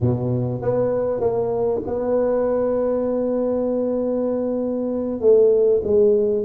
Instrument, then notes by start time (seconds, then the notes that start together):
tuba
0.00 B2
0.61 B3
1.20 A#3
1.86 B3
5.20 A3
5.83 G#3